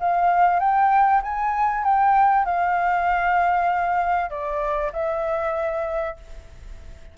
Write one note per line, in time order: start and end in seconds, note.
0.00 0.60 F5
0.60 1.21 G5
1.22 1.84 G#5
1.84 2.45 G5
2.45 4.30 F5
4.30 4.92 D5
4.93 6.16 E5